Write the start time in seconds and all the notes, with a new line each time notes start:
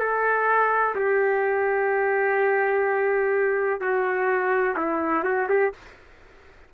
0.00 A4
0.96 G4
3.81 F#4
4.77 E4
5.24 F#4
5.50 G4